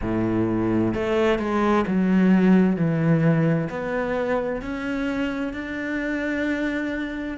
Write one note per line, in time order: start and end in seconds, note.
0.01 0.94 A2
0.94 1.38 A3
1.38 1.85 G#3
1.87 2.76 F#3
2.76 3.68 E3
3.69 4.62 B3
4.62 5.53 C#4
5.53 7.37 D4